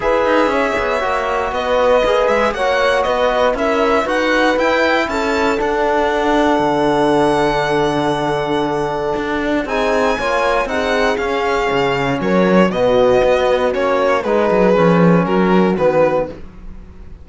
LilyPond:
<<
  \new Staff \with { instrumentName = "violin" } { \time 4/4 \tempo 4 = 118 e''2. dis''4~ | dis''8 e''8 fis''4 dis''4 e''4 | fis''4 g''4 a''4 fis''4~ | fis''1~ |
fis''2. gis''4~ | gis''4 fis''4 f''2 | cis''4 dis''2 cis''4 | b'2 ais'4 b'4 | }
  \new Staff \with { instrumentName = "horn" } { \time 4/4 b'4 cis''2 b'4~ | b'4 cis''4 b'4 ais'4 | b'2 a'2~ | a'1~ |
a'2. gis'4 | cis''4 gis'2. | ais'4 fis'2. | gis'2 fis'2 | }
  \new Staff \with { instrumentName = "trombone" } { \time 4/4 gis'2 fis'2 | gis'4 fis'2 e'4 | fis'4 e'2 d'4~ | d'1~ |
d'2. dis'4 | f'4 dis'4 cis'2~ | cis'4 b2 cis'4 | dis'4 cis'2 b4 | }
  \new Staff \with { instrumentName = "cello" } { \time 4/4 e'8 dis'8 cis'8 b8 ais4 b4 | ais8 gis8 ais4 b4 cis'4 | dis'4 e'4 cis'4 d'4~ | d'4 d2.~ |
d2 d'4 c'4 | ais4 c'4 cis'4 cis4 | fis4 b,4 b4 ais4 | gis8 fis8 f4 fis4 dis4 | }
>>